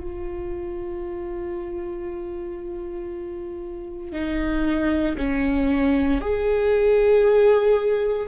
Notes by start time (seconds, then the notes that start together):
0.00 F4
4.13 D#4
5.18 C#4
6.21 G#4